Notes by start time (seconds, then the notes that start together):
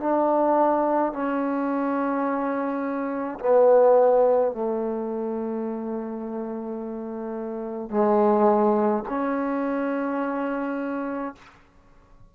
0.00 D4
1.13 C#4
3.40 B3
4.52 A3
7.90 G#3
9.09 C#4